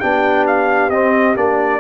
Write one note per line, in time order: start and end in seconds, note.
0.00 0.90 B3
0.00 0.92 D4
0.00 1.80 G4
0.00 0.45 G5
0.47 0.90 F5
0.90 1.36 C4
0.90 1.36 D#5
1.36 1.80 A#3
1.36 1.80 D4
1.36 1.80 D5